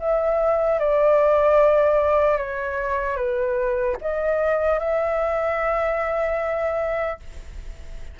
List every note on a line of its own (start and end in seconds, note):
0.00 0.80 E5
0.80 2.38 D5
2.38 3.16 C#5
3.16 3.96 B4
4.01 4.80 D#5
4.80 7.20 E5